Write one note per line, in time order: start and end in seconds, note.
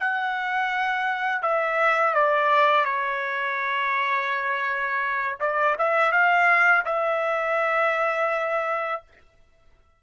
0.00 1.42 F#5
1.42 2.14 E5
2.14 2.85 D5
2.85 5.38 C#5
5.40 5.76 D5
5.78 6.12 E5
6.12 6.84 F5
6.85 9.02 E5